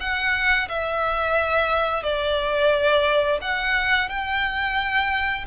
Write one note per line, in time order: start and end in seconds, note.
0.00 0.68 F#5
0.68 2.03 E5
2.03 3.39 D5
3.42 4.09 F#5
4.09 5.45 G5